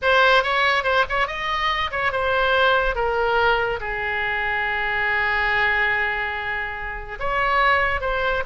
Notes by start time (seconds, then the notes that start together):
0.01 C5
0.43 C#5
0.83 C5
1.09 C#5
1.27 D#5
1.91 C#5
2.12 C5
2.95 A#4
3.80 G#4
7.19 C#5
8.00 C5